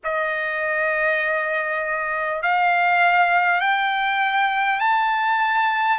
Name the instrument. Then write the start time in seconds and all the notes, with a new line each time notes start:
trumpet
0.03 D#5
2.42 F5
3.60 G5
4.80 A5